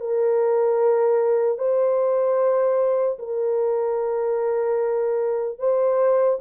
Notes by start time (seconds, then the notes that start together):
0.00 A#4
1.58 C5
3.19 A#4
5.59 C5